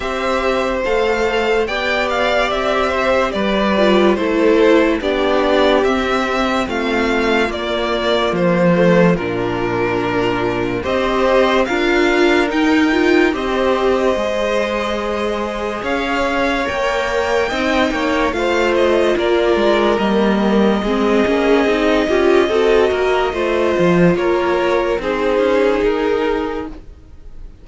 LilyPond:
<<
  \new Staff \with { instrumentName = "violin" } { \time 4/4 \tempo 4 = 72 e''4 f''4 g''8 f''8 e''4 | d''4 c''4 d''4 e''4 | f''4 d''4 c''4 ais'4~ | ais'4 dis''4 f''4 g''4 |
dis''2. f''4 | g''2 f''8 dis''8 d''4 | dis''1~ | dis''4 cis''4 c''4 ais'4 | }
  \new Staff \with { instrumentName = "violin" } { \time 4/4 c''2 d''4. c''8 | b'4 a'4 g'2 | f'1~ | f'4 c''4 ais'2 |
c''2. cis''4~ | cis''4 dis''8 cis''8 c''4 ais'4~ | ais'4 gis'4. g'8 a'8 ais'8 | c''4 ais'4 gis'2 | }
  \new Staff \with { instrumentName = "viola" } { \time 4/4 g'4 a'4 g'2~ | g'8 f'8 e'4 d'4 c'4~ | c'4 ais4. a8 d'4~ | d'4 g'4 f'4 dis'8 f'8 |
g'4 gis'2. | ais'4 dis'4 f'2 | ais4 c'8 cis'8 dis'8 f'8 fis'4 | f'2 dis'2 | }
  \new Staff \with { instrumentName = "cello" } { \time 4/4 c'4 a4 b4 c'4 | g4 a4 b4 c'4 | a4 ais4 f4 ais,4~ | ais,4 c'4 d'4 dis'4 |
c'4 gis2 cis'4 | ais4 c'8 ais8 a4 ais8 gis8 | g4 gis8 ais8 c'8 cis'8 c'8 ais8 | a8 f8 ais4 c'8 cis'8 dis'4 | }
>>